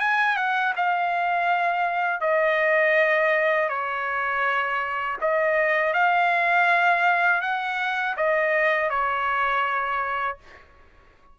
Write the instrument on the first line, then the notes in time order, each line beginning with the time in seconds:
trumpet
0.00 G#5
0.37 F#5
0.76 F5
2.21 D#5
3.69 C#5
5.22 D#5
5.94 F5
7.42 F#5
8.17 D#5
8.90 C#5